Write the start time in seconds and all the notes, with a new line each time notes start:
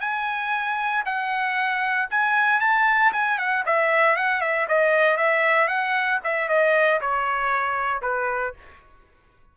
0.00 G#5
1.05 F#5
2.10 G#5
2.60 A5
3.12 G#5
3.38 F#5
3.66 E5
4.16 F#5
4.41 E5
4.68 D#5
5.17 E5
5.68 F#5
6.24 E5
6.48 D#5
7.01 C#5
8.02 B4